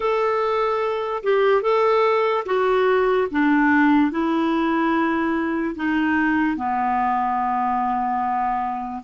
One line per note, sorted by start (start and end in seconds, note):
0.00 1.23 A4
1.23 1.61 G4
1.61 2.44 A4
2.45 3.28 F#4
3.31 4.11 D4
4.11 5.75 E4
5.75 6.56 D#4
6.56 9.03 B3